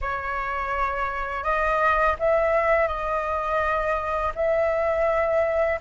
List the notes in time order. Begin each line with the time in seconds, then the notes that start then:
0.01 C#5
1.43 D#5
2.19 E5
2.87 D#5
4.35 E5